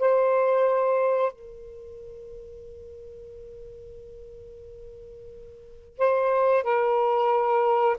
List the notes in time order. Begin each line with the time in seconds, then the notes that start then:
0.00 C5
1.32 A#4
5.98 C5
6.64 A#4